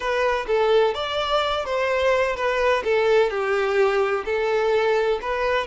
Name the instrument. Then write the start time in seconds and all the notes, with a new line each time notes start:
violin
0.00 B4
0.47 A4
0.94 D5
1.65 C5
2.36 B4
2.84 A4
3.29 G4
4.25 A4
5.21 B4